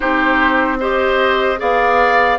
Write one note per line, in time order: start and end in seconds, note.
0.00 1.60 C4
0.00 0.80 D#4
0.00 0.77 G4
0.00 0.79 C5
0.80 1.57 G4
0.80 1.59 C5
0.80 1.60 D#5
1.57 2.38 B3
1.57 2.37 G#4
1.57 2.38 D5
1.57 2.38 F5